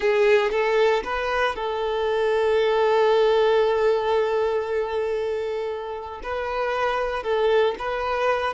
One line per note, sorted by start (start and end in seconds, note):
0.00 0.51 G#4
0.51 1.03 A4
1.04 1.55 B4
1.55 6.21 A4
6.23 7.23 B4
7.23 7.75 A4
7.78 8.53 B4